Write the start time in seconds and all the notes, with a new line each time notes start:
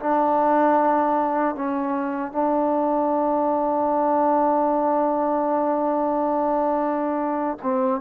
0.00 D4
1.55 C#4
2.32 D4
7.63 C4